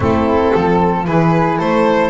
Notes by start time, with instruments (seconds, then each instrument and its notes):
0.00 double bass A3, saxophone C4, flute E4, violin A4
0.53 double bass F3, flute A4
1.05 double bass E3, saxophone E4, flute G#4, violin B4
1.58 double bass A3, flute A4, violin C5